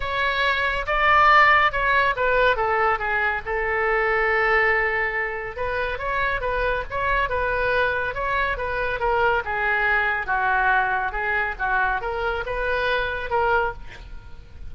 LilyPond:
\new Staff \with { instrumentName = "oboe" } { \time 4/4 \tempo 4 = 140 cis''2 d''2 | cis''4 b'4 a'4 gis'4 | a'1~ | a'4 b'4 cis''4 b'4 |
cis''4 b'2 cis''4 | b'4 ais'4 gis'2 | fis'2 gis'4 fis'4 | ais'4 b'2 ais'4 | }